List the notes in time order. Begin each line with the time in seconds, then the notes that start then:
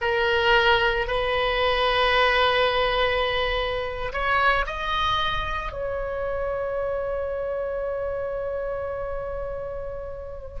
0.01 A#4
1.07 B4
4.12 C#5
4.66 D#5
5.72 C#5